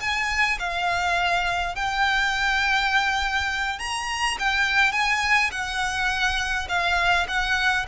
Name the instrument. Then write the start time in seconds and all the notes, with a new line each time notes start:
violin
0.00 G#5
0.59 F5
1.76 G5
3.79 A#5
4.39 G5
4.92 G#5
5.52 F#5
6.69 F5
7.28 F#5